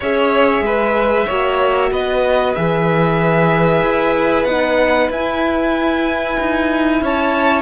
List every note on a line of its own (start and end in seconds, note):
0.00 0.61 C#4
0.00 1.29 G#4
0.00 0.63 C#5
0.00 1.92 E5
0.61 1.25 G#3
0.61 1.26 B4
1.26 1.91 A#3
1.26 2.56 F#4
1.26 1.90 C#5
1.91 2.55 B3
1.91 7.02 B4
1.91 2.55 D#5
2.55 3.81 E3
2.55 4.47 G#4
2.55 4.44 E5
3.81 4.44 E4
4.44 5.08 B3
4.44 5.10 D#4
4.44 5.08 F#5
5.09 6.37 E4
5.09 7.61 E4
5.09 7.03 G#5
6.39 7.01 D#4
7.01 7.61 C#4
7.01 7.61 C#5
7.01 7.61 A5